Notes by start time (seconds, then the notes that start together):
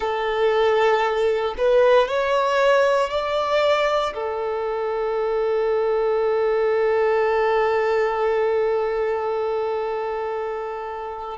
0.00 A4
1.58 B4
2.07 C#5
3.10 D5
4.14 A4